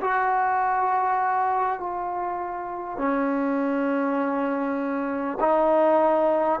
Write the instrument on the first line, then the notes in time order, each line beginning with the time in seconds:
trombone
0.00 F#4
1.79 F4
2.98 C#4
5.40 D#4